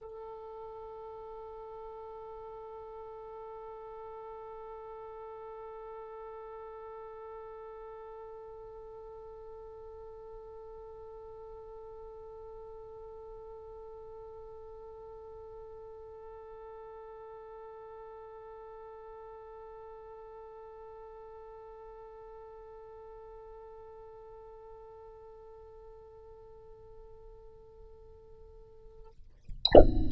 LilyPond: \new Staff \with { instrumentName = "oboe" } { \time 4/4 \tempo 4 = 66 a'1~ | a'1~ | a'1~ | a'1~ |
a'1~ | a'1~ | a'1~ | a'1 | }